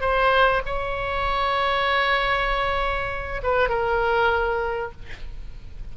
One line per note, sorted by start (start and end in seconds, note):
0.00 0.61 C5
0.66 3.41 C#5
3.43 3.69 B4
3.69 4.91 A#4